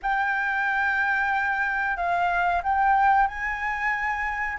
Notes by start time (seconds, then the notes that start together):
0.02 G5
1.97 F5
2.63 G5
3.27 G#5